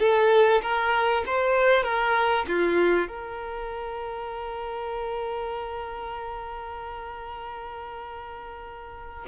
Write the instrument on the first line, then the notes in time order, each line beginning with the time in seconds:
violin
0.00 A4
0.62 A#4
1.27 C5
1.84 A#4
2.48 F4
3.08 A#4